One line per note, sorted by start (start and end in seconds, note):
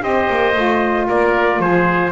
0.00 0.28 C4
0.00 0.52 G4
0.00 1.07 C5
0.00 1.07 D#5
0.29 0.55 A#3
0.54 1.08 A3
0.54 2.11 F4
1.07 1.59 A#3
1.07 1.60 A#4
1.07 1.60 D5
1.59 2.11 F3
1.59 2.12 G#4
1.59 2.12 C5